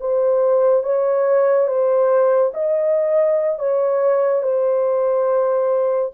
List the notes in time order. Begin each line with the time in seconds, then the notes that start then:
0.00 C5
0.83 C#5
1.67 C5
2.54 D#5
3.59 C#5
4.43 C5